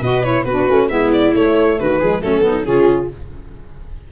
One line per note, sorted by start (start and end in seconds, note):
0.00 0.44 B2
0.00 0.23 F#4
0.00 0.45 B4
0.00 0.24 D#5
0.23 0.45 E4
0.23 0.44 C#5
0.44 0.66 B3
0.44 0.89 F#4
0.44 0.88 B4
0.50 0.67 D4
0.67 0.89 A3
0.67 0.89 C#4
0.89 1.33 G#3
0.89 1.33 B3
0.89 1.80 E4
0.89 1.11 E5
1.12 1.34 D5
1.34 1.78 A3
1.34 2.00 A3
1.34 1.79 C#5
1.79 2.01 D#3
1.79 1.99 F#4
1.79 2.21 B4
1.99 2.23 F3
1.99 2.21 G#3
1.99 2.21 G#4
2.21 2.67 F#3
2.21 2.41 A3
2.21 2.45 C#4
2.21 2.64 A4
2.41 2.63 B3
2.41 2.67 D#4
2.63 3.11 C#3
2.63 3.07 C#4
2.63 3.11 F4
2.63 3.08 G#4